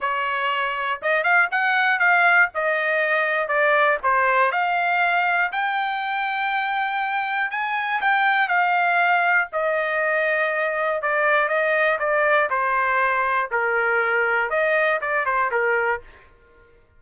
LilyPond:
\new Staff \with { instrumentName = "trumpet" } { \time 4/4 \tempo 4 = 120 cis''2 dis''8 f''8 fis''4 | f''4 dis''2 d''4 | c''4 f''2 g''4~ | g''2. gis''4 |
g''4 f''2 dis''4~ | dis''2 d''4 dis''4 | d''4 c''2 ais'4~ | ais'4 dis''4 d''8 c''8 ais'4 | }